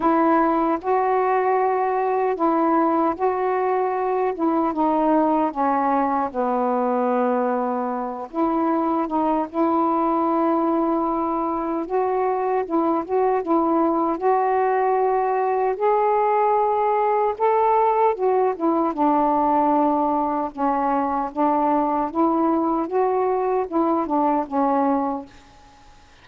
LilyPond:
\new Staff \with { instrumentName = "saxophone" } { \time 4/4 \tempo 4 = 76 e'4 fis'2 e'4 | fis'4. e'8 dis'4 cis'4 | b2~ b8 e'4 dis'8 | e'2. fis'4 |
e'8 fis'8 e'4 fis'2 | gis'2 a'4 fis'8 e'8 | d'2 cis'4 d'4 | e'4 fis'4 e'8 d'8 cis'4 | }